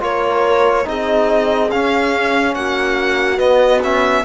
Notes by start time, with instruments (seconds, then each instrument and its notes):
0.00 cello A#3, trombone F4, horn A#4, violin C#5
0.84 cello C4, trombone D#4, horn G#4, violin D#5
1.70 cello C#4, trombone C#4, violin F5
2.54 cello A#3, horn F#4, violin F#5
3.36 trombone B3, cello B3, violin D#5
3.83 trombone C#4, violin E5